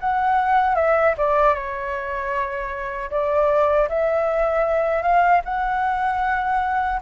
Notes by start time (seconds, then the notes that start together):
0.00 F#5
0.75 E5
1.18 D5
1.54 C#5
3.10 D5
3.89 E5
5.02 F5
5.45 F#5